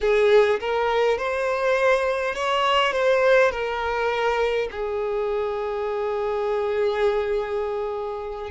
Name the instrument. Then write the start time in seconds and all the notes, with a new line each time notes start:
violin
0.00 G#4
0.59 A#4
1.18 C5
2.35 C#5
2.92 C5
3.51 A#4
4.71 G#4